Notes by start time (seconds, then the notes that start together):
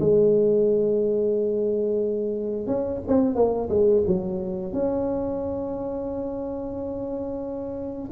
0.00 G#3
2.67 C#4
3.08 C4
3.35 A#3
3.69 G#3
4.07 F#3
4.73 C#4